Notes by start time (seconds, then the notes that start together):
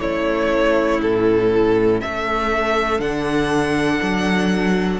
0.00 A3 C#4 E4 C#5
1.01 A2 A4
2.00 A3 A4 E5
2.99 D3 D4 F#5
4.02 F#3